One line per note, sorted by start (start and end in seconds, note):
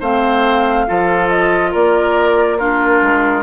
0.00 0.87 A3
0.00 0.87 C4
0.00 0.86 C5
0.00 1.29 F5
0.87 1.74 F3
0.87 2.59 F4
0.87 1.71 A4
1.29 1.72 D#5
1.71 3.02 A#3
1.71 2.57 A#4
1.71 2.58 D5
2.58 3.43 D4
2.58 3.43 F4
2.58 3.43 A#4
3.02 3.43 G#3